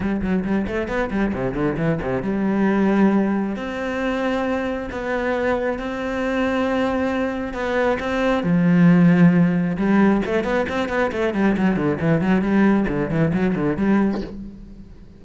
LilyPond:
\new Staff \with { instrumentName = "cello" } { \time 4/4 \tempo 4 = 135 g8 fis8 g8 a8 b8 g8 c8 d8 | e8 c8 g2. | c'2. b4~ | b4 c'2.~ |
c'4 b4 c'4 f4~ | f2 g4 a8 b8 | c'8 b8 a8 g8 fis8 d8 e8 fis8 | g4 d8 e8 fis8 d8 g4 | }